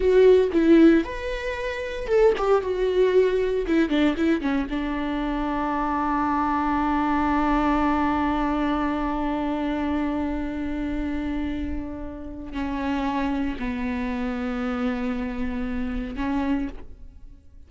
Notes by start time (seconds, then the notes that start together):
0.00 F#4
0.52 E4
1.04 B4
2.07 A4
2.37 G4
2.61 F#4
3.66 E4
3.89 D4
4.16 E4
4.41 C#4
4.70 D4
12.52 C#4
13.59 B3
16.16 C#4